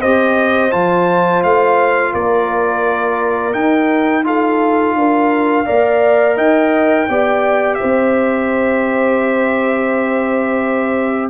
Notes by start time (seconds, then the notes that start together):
0.00 C4 G4 C5 D#5
0.72 F3 F4 A5
1.44 A3 F5
2.13 A#3 A#4 D5
3.54 D#4 G5
4.24 F4 A4 F5
4.95 D4 A#4
5.66 A#3 A#4 D5
6.37 D#4 D#5 G5
7.09 B3 G4 D5
7.75 C5 E5
7.83 C4